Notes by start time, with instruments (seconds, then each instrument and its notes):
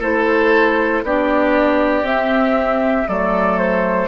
0.00 bassoon A3, clarinet E4, oboe A4, flute C5
1.03 bassoon B3, clarinet D4, oboe G4, flute D5
2.02 bassoon C4, clarinet C4, flute E5
3.08 bassoon F#3, clarinet A3, oboe A4, flute D5
3.58 flute C5